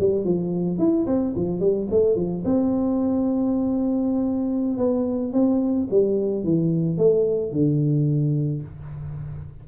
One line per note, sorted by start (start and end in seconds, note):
0.00 0.25 G3
0.25 0.79 F3
0.79 1.06 E4
1.07 1.34 C4
1.36 1.60 F3
1.60 1.88 G3
1.91 2.16 A3
2.16 2.44 F3
2.45 4.78 C4
4.78 5.33 B3
5.33 5.88 C4
5.91 6.44 G3
6.44 6.98 E3
6.98 7.53 A3
7.53 8.63 D3